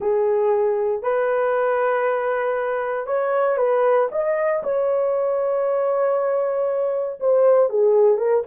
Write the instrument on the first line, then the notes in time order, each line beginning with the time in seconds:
horn
0.00 G#4
1.02 B4
3.06 C#5
3.57 B4
4.11 D#5
4.63 C#5
7.20 C5
7.69 G#4
8.17 A#4